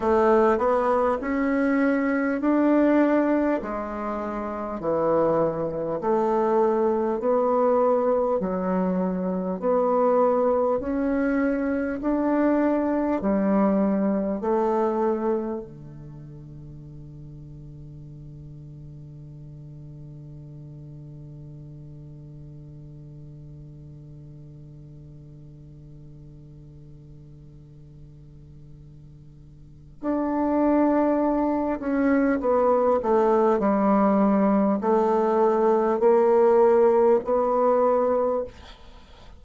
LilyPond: \new Staff \with { instrumentName = "bassoon" } { \time 4/4 \tempo 4 = 50 a8 b8 cis'4 d'4 gis4 | e4 a4 b4 fis4 | b4 cis'4 d'4 g4 | a4 d2.~ |
d1~ | d1~ | d4 d'4. cis'8 b8 a8 | g4 a4 ais4 b4 | }